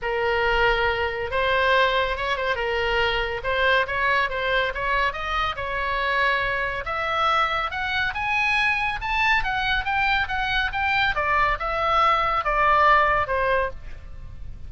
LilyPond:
\new Staff \with { instrumentName = "oboe" } { \time 4/4 \tempo 4 = 140 ais'2. c''4~ | c''4 cis''8 c''8 ais'2 | c''4 cis''4 c''4 cis''4 | dis''4 cis''2. |
e''2 fis''4 gis''4~ | gis''4 a''4 fis''4 g''4 | fis''4 g''4 d''4 e''4~ | e''4 d''2 c''4 | }